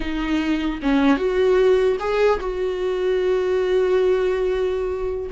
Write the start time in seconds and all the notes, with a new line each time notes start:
0.00 D#4
0.82 C#4
1.17 F#4
1.99 G#4
2.40 F#4